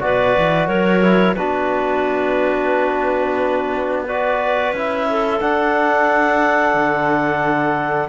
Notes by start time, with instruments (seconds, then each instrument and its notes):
0.00 cello B2, trombone F#4, clarinet B4 D5
0.38 cello E3
0.68 cello F#3, clarinet A#4 C#5
1.02 trombone E4
1.35 cello B3, trombone D4, clarinet F#4 B4
4.06 trombone F#4, clarinet B4 D5
4.72 cello C#4, trombone E4, clarinet E5
5.10 clarinet A4
5.40 trombone D4, cello D4, clarinet F#5
6.74 cello D3